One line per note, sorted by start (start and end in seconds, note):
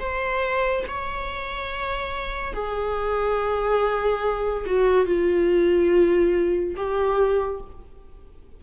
0.00 0.85 C5
0.88 2.54 C#5
2.54 4.65 G#4
4.66 5.06 F#4
5.06 6.75 F4
6.76 7.61 G4